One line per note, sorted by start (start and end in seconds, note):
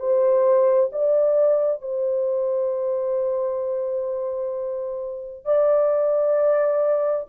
0.00 0.91 C5
0.93 1.82 D5
1.82 5.45 C5
5.45 7.27 D5